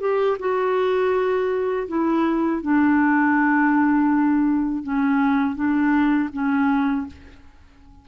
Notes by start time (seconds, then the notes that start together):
0.00 G4
0.39 F#4
1.88 E4
2.62 D4
4.83 C#4
5.55 D4
6.33 C#4